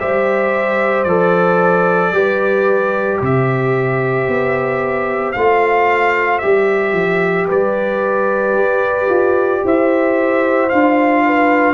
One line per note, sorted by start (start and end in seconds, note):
0.00 1.05 G3
0.00 1.07 G4
0.00 2.14 C5
0.00 1.04 E5
1.04 2.12 F3
1.04 2.14 A4
1.04 3.19 D5
2.12 3.19 G3
2.12 5.35 G4
2.12 3.21 B4
3.21 4.28 C3
3.21 7.48 C5
3.21 5.33 E5
4.28 5.35 B3
5.33 6.43 A3
5.33 6.42 F4
5.33 6.39 F5
6.39 6.93 G3
6.39 10.71 G4
6.39 7.46 E5
6.93 7.46 F3
7.48 8.53 G3
7.48 9.62 B4
7.48 9.66 D5
8.53 9.07 G4
9.10 9.63 F4
9.65 10.72 E4
9.65 11.25 C5
9.65 10.70 E5
10.70 11.74 D4
10.70 11.74 F4
10.70 11.74 F5
11.26 11.74 B4